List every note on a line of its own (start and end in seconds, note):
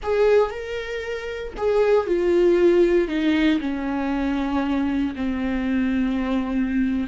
0.03 0.50 G#4
0.50 1.53 A#4
1.57 2.06 G#4
2.06 3.08 F4
3.08 3.59 D#4
3.60 5.14 C#4
5.15 7.07 C4